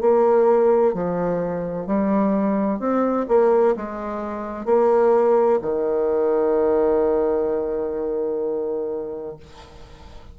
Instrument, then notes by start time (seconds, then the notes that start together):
bassoon
0.00 A#3
0.93 F3
1.86 G3
2.79 C4
3.28 A#3
3.76 G#3
4.65 A#3
5.61 D#3